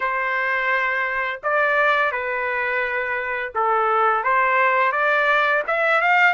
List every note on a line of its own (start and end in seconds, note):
0.00 1.41 C5
1.43 2.11 D5
2.11 3.52 B4
3.54 4.23 A4
4.23 4.92 C5
4.92 5.62 D5
5.67 6.01 E5
6.01 6.33 F5